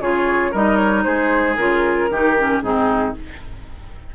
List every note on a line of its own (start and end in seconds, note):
0.00 0.52 C#3
0.00 0.53 F4
0.00 0.51 G#4
0.00 0.53 C#5
0.51 1.06 G3
0.51 1.58 D#4
0.51 1.03 A#4
0.51 0.77 D#5
0.77 1.03 C#5
1.03 1.58 G#3
1.03 2.10 G#4
1.03 1.55 C5
1.56 2.10 C#3
1.56 2.10 F4
1.56 2.61 A#4
2.10 2.62 D#3
2.10 2.37 D#4
2.10 2.63 G4
2.38 2.63 C#4
2.62 3.14 G#2
2.62 3.15 C4
2.62 3.15 D#4
2.62 3.14 G#4